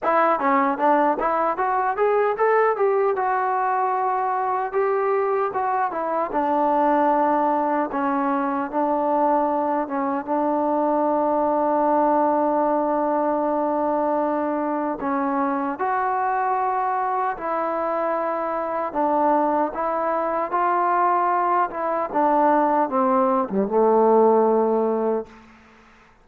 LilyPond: \new Staff \with { instrumentName = "trombone" } { \time 4/4 \tempo 4 = 76 e'8 cis'8 d'8 e'8 fis'8 gis'8 a'8 g'8 | fis'2 g'4 fis'8 e'8 | d'2 cis'4 d'4~ | d'8 cis'8 d'2.~ |
d'2. cis'4 | fis'2 e'2 | d'4 e'4 f'4. e'8 | d'4 c'8. g16 a2 | }